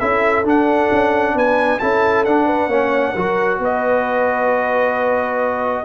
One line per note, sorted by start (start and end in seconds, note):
0.00 0.44 C#4
0.00 0.45 E4
0.00 1.35 A4
0.00 0.45 E5
0.44 0.89 D4
0.44 1.80 D4
0.44 1.38 F#5
0.92 1.35 C#4
1.35 1.80 B3
1.35 1.80 B4
1.35 1.80 G#5
1.80 2.27 C#4
1.80 2.26 E4
1.80 2.46 A4
1.80 2.25 A5
2.25 2.68 D4
2.25 2.71 D4
2.25 3.60 F#5
2.46 2.69 B4
2.68 3.13 A#3
2.68 3.16 C#4
2.68 3.13 C#5
3.13 3.59 F#3
3.13 5.85 F#4
3.13 3.59 A#4
3.59 5.84 B3
3.59 5.85 B4
3.59 5.85 D#5